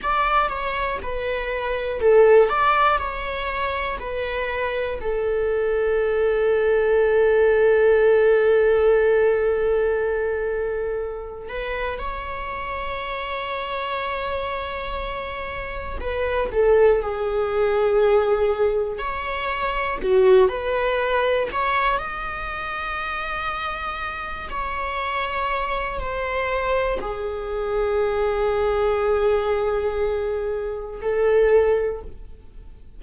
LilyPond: \new Staff \with { instrumentName = "viola" } { \time 4/4 \tempo 4 = 60 d''8 cis''8 b'4 a'8 d''8 cis''4 | b'4 a'2.~ | a'2.~ a'8 b'8 | cis''1 |
b'8 a'8 gis'2 cis''4 | fis'8 b'4 cis''8 dis''2~ | dis''8 cis''4. c''4 gis'4~ | gis'2. a'4 | }